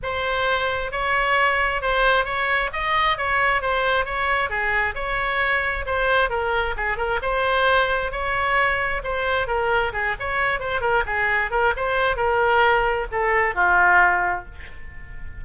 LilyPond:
\new Staff \with { instrumentName = "oboe" } { \time 4/4 \tempo 4 = 133 c''2 cis''2 | c''4 cis''4 dis''4 cis''4 | c''4 cis''4 gis'4 cis''4~ | cis''4 c''4 ais'4 gis'8 ais'8 |
c''2 cis''2 | c''4 ais'4 gis'8 cis''4 c''8 | ais'8 gis'4 ais'8 c''4 ais'4~ | ais'4 a'4 f'2 | }